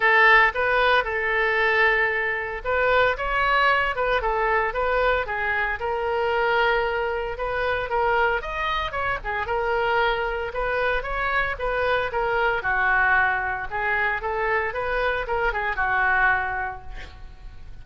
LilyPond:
\new Staff \with { instrumentName = "oboe" } { \time 4/4 \tempo 4 = 114 a'4 b'4 a'2~ | a'4 b'4 cis''4. b'8 | a'4 b'4 gis'4 ais'4~ | ais'2 b'4 ais'4 |
dis''4 cis''8 gis'8 ais'2 | b'4 cis''4 b'4 ais'4 | fis'2 gis'4 a'4 | b'4 ais'8 gis'8 fis'2 | }